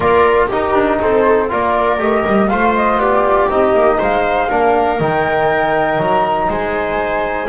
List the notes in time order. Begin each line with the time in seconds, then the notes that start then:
0.00 A#3 F4 A#4 D5
0.47 D#4 G4 A#4
0.73 D4
1.00 C4 A4 C5
1.48 A#3 F4 A#4 D5
1.98 A3 G4 D#5
2.26 G3
2.48 A3 F4 C5 F5
2.75 D#5
2.96 B3 G4 D5
3.49 C4 D#4 D#5
3.73 A#3
3.98 G#3 C5 F5
4.48 A#3 D4 A#4
4.98 D#3 D#4 G5
5.98 F#3 A#5
6.48 G#3 C5 G#5